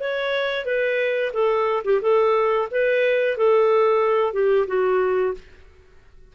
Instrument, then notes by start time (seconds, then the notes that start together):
clarinet
0.00 C#5
0.65 B4
1.33 A4
1.84 G4
2.02 A4
2.71 B4
3.37 A4
4.33 G4
4.67 F#4